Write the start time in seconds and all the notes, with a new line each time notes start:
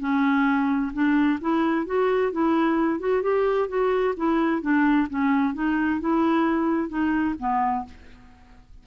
0.00 C#4
0.93 D4
1.41 E4
1.86 F#4
2.32 E4
3.00 F#4
3.23 G4
3.69 F#4
4.17 E4
4.62 D4
5.10 C#4
5.54 D#4
6.01 E4
6.89 D#4
7.40 B3